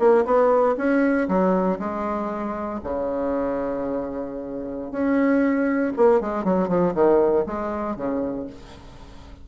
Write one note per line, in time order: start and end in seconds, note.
0.00 0.25 A#3
0.25 0.76 B3
0.78 1.28 C#4
1.29 1.79 F#3
1.79 2.80 G#3
2.84 4.92 C#3
4.92 5.93 C#4
5.97 6.21 A#3
6.21 6.45 G#3
6.45 6.69 F#3
6.69 6.94 F3
6.94 7.45 D#3
7.47 7.97 G#3
7.97 8.47 C#3